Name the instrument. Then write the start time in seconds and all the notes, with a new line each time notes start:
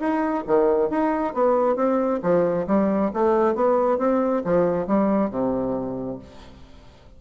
bassoon
0.00 D#4
0.47 D#3
0.90 D#4
1.34 B3
1.76 C4
2.23 F3
2.67 G3
3.13 A3
3.55 B3
3.98 C4
4.45 F3
4.87 G3
5.30 C3